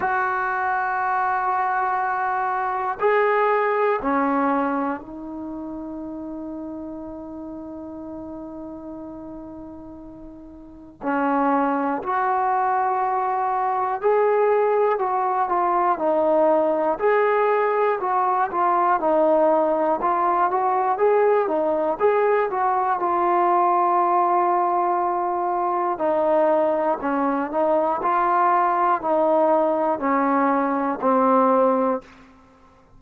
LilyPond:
\new Staff \with { instrumentName = "trombone" } { \time 4/4 \tempo 4 = 60 fis'2. gis'4 | cis'4 dis'2.~ | dis'2. cis'4 | fis'2 gis'4 fis'8 f'8 |
dis'4 gis'4 fis'8 f'8 dis'4 | f'8 fis'8 gis'8 dis'8 gis'8 fis'8 f'4~ | f'2 dis'4 cis'8 dis'8 | f'4 dis'4 cis'4 c'4 | }